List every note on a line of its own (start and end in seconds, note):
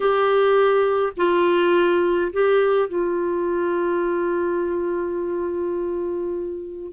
0.00 1.12 G4
1.16 2.32 F4
2.32 2.88 G4
2.88 6.92 F4